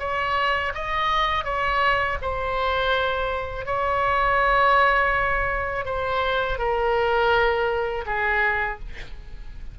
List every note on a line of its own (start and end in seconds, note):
0.00 0.73 C#5
0.75 1.45 D#5
1.45 2.18 C#5
2.22 3.66 C5
3.66 5.85 C#5
5.85 6.59 C5
6.59 8.05 A#4
8.06 8.79 G#4